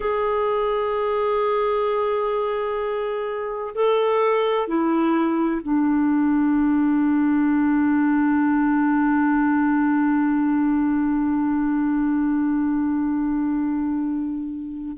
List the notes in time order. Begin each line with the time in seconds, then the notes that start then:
0.00 G#4
3.75 A4
4.67 E4
5.62 D4